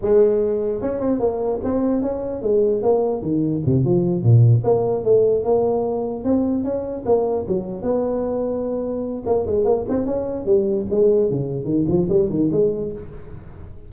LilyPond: \new Staff \with { instrumentName = "tuba" } { \time 4/4 \tempo 4 = 149 gis2 cis'8 c'8 ais4 | c'4 cis'4 gis4 ais4 | dis4 c8 f4 ais,4 ais8~ | ais8 a4 ais2 c'8~ |
c'8 cis'4 ais4 fis4 b8~ | b2. ais8 gis8 | ais8 c'8 cis'4 g4 gis4 | cis4 dis8 f8 g8 dis8 gis4 | }